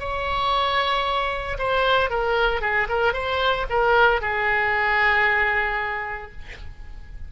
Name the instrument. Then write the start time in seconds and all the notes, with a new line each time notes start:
oboe
0.00 C#5
1.59 C5
2.10 A#4
2.61 G#4
2.89 A#4
3.14 C5
3.70 A#4
4.22 G#4